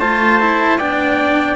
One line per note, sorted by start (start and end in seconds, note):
0.00 0.79 A3
0.00 0.41 F4
0.00 0.79 C5
0.00 0.79 A5
0.41 0.80 E4
0.79 1.56 B3
0.79 1.56 D4
0.79 1.56 D5
0.79 1.56 G5